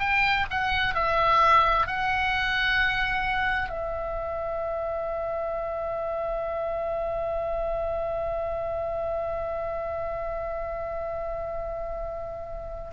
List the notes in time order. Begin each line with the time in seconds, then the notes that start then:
0.00 G5
0.51 F#5
0.95 E5
1.87 F#5
3.69 E5